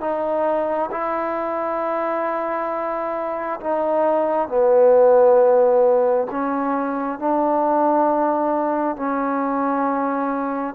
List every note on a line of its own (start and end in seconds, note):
0.00 0.90 D#4
0.91 3.60 E4
3.60 4.48 D#4
4.48 6.27 B3
6.31 7.19 C#4
7.19 8.96 D4
8.96 10.74 C#4